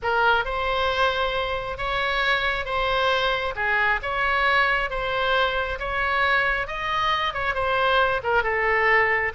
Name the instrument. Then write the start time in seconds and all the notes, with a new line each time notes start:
oboe
0.02 A#4
0.44 C5
1.77 C#5
2.65 C5
3.55 G#4
4.02 C#5
4.90 C5
5.79 C#5
6.67 D#5
7.33 C#5
7.54 C5
8.23 A#4
8.43 A4